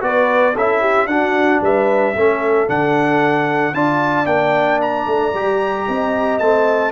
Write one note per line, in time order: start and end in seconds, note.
0.00 0.55 B3
0.00 0.53 F#4
0.00 0.54 B4
0.00 0.56 D5
0.54 1.06 C#4
0.54 1.09 E4
0.54 0.80 A4
0.54 1.07 E5
0.80 1.07 G4
1.06 1.59 D4
1.06 2.15 D4
1.06 1.62 F#4
1.06 1.60 F#5
1.61 2.14 G3
1.61 2.15 B4
1.61 2.69 E5
2.15 2.68 A3
2.15 2.67 C#4
2.15 3.74 A4
2.67 3.73 D3
2.67 3.73 D4
2.67 3.74 F#5
3.73 4.26 D4
3.73 4.25 F4
3.73 5.87 D5
3.73 4.26 A5
4.25 5.05 A#3
4.25 5.32 D4
4.25 4.79 G5
4.81 6.38 A#5
5.06 5.33 A3
5.34 5.87 G3
5.34 6.41 G4
5.87 6.39 C4
5.87 6.91 D#5
6.38 6.91 A3
6.38 6.91 C4
6.38 6.91 A5